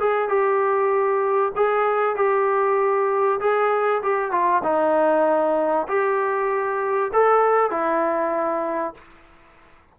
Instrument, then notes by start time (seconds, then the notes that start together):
trombone
0.00 G#4
0.29 G4
1.56 G#4
2.16 G4
3.40 G#4
4.03 G4
4.32 F4
4.63 D#4
5.88 G4
7.13 A4
7.71 E4